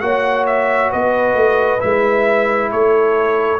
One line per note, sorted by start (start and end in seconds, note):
0.00 0.91 A#3
0.00 1.79 F#4
0.00 0.91 C#5
0.00 0.45 F#5
0.46 0.91 E5
0.91 1.34 B3
0.91 2.70 B4
0.91 1.80 D#5
1.34 1.79 A3
1.79 2.72 G#3
1.79 3.58 E4
1.79 2.70 E5
2.71 3.60 A3
2.71 3.60 A4
2.71 3.60 C#5